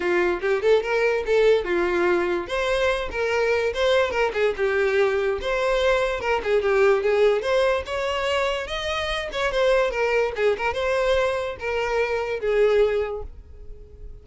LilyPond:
\new Staff \with { instrumentName = "violin" } { \time 4/4 \tempo 4 = 145 f'4 g'8 a'8 ais'4 a'4 | f'2 c''4. ais'8~ | ais'4 c''4 ais'8 gis'8 g'4~ | g'4 c''2 ais'8 gis'8 |
g'4 gis'4 c''4 cis''4~ | cis''4 dis''4. cis''8 c''4 | ais'4 gis'8 ais'8 c''2 | ais'2 gis'2 | }